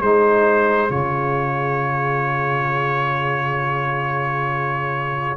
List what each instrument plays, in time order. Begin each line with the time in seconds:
0.00 tuba G#3, trombone D#4, horn G#4, trumpet C5
0.89 tuba C#3, trombone F4, trumpet C#5